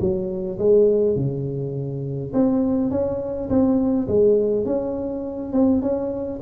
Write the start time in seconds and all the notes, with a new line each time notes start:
0.00 F#3
0.59 G#3
1.16 C#3
2.34 C4
2.90 C#4
3.49 C4
4.08 G#3
4.65 C#4
5.53 C4
5.82 C#4